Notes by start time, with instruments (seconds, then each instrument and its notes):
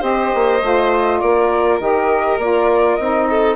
0.00 bassoon C4, saxophone G4, violin C5, flute D#5
0.35 bassoon A#3
0.62 bassoon A3, saxophone F4
1.20 bassoon A#3, violin A#4, flute D5
1.80 bassoon D#3, saxophone G4, flute D#5
2.38 bassoon A#3, saxophone F4, flute D5
2.96 bassoon C4, saxophone D#4, flute D#5
3.30 violin A4